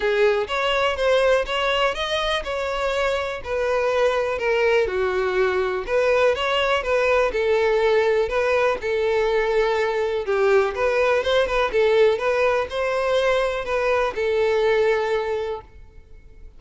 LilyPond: \new Staff \with { instrumentName = "violin" } { \time 4/4 \tempo 4 = 123 gis'4 cis''4 c''4 cis''4 | dis''4 cis''2 b'4~ | b'4 ais'4 fis'2 | b'4 cis''4 b'4 a'4~ |
a'4 b'4 a'2~ | a'4 g'4 b'4 c''8 b'8 | a'4 b'4 c''2 | b'4 a'2. | }